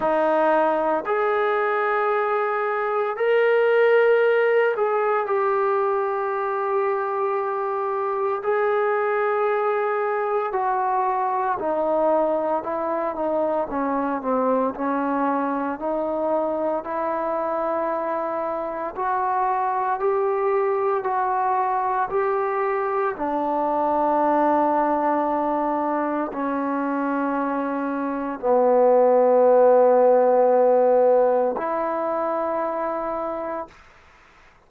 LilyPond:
\new Staff \with { instrumentName = "trombone" } { \time 4/4 \tempo 4 = 57 dis'4 gis'2 ais'4~ | ais'8 gis'8 g'2. | gis'2 fis'4 dis'4 | e'8 dis'8 cis'8 c'8 cis'4 dis'4 |
e'2 fis'4 g'4 | fis'4 g'4 d'2~ | d'4 cis'2 b4~ | b2 e'2 | }